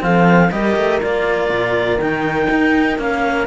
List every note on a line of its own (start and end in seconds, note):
0.00 0.52 F3
0.00 0.49 C4
0.00 0.53 A4
0.00 0.51 F5
0.51 0.76 G3
0.51 1.01 G4
0.51 3.47 A#4
0.51 1.00 D#5
0.77 1.01 A3
1.01 1.49 A#3
1.01 1.99 F4
1.01 2.00 D5
1.49 1.98 A#2
1.98 2.47 D#3
1.98 2.99 D#4
1.98 2.99 G5
2.50 2.98 D#4
2.98 3.47 A#3
2.98 3.47 C#4
2.98 3.47 F5